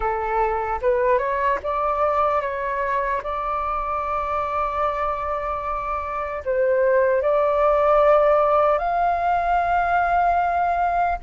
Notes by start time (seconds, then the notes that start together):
0.00 A4
0.81 B4
1.18 C#5
1.63 D5
2.41 C#5
3.23 D5
6.44 C5
7.22 D5
8.78 F5